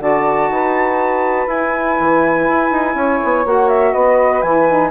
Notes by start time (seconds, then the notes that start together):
0.00 D3 F#4 D5 A5
0.49 D#4 B4
1.47 E4 G#5
2.00 E3
2.49 E4
2.71 D#4
2.95 C#4 C#5
3.24 B3
3.45 A#3 F#4 F#5
3.69 E5
3.92 B3 B4 D#5
4.42 E3 E4 G#5
4.69 D#4